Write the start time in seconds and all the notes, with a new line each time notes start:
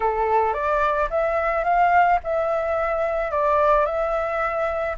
0.00 A4
0.53 D5
1.10 E5
1.64 F5
2.23 E5
3.31 D5
3.85 E5